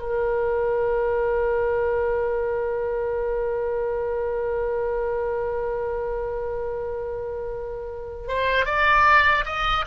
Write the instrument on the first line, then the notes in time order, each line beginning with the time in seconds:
oboe
0.00 A#4
8.28 C5
8.66 D5
9.46 D#5